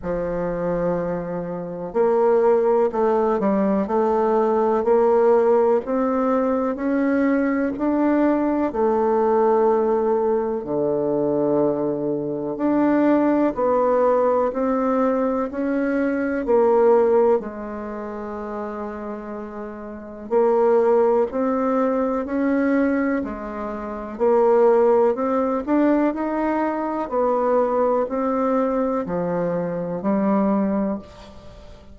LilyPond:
\new Staff \with { instrumentName = "bassoon" } { \time 4/4 \tempo 4 = 62 f2 ais4 a8 g8 | a4 ais4 c'4 cis'4 | d'4 a2 d4~ | d4 d'4 b4 c'4 |
cis'4 ais4 gis2~ | gis4 ais4 c'4 cis'4 | gis4 ais4 c'8 d'8 dis'4 | b4 c'4 f4 g4 | }